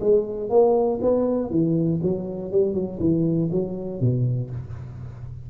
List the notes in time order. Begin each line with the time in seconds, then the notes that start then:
0.00 G#3
0.49 A#3
1.01 B3
1.50 E3
2.02 F#3
2.52 G3
2.74 F#3
3.00 E3
3.51 F#3
4.00 B2